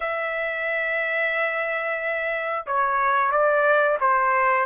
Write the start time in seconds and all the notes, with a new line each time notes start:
0.00 E5
2.66 C#5
3.31 D5
4.00 C5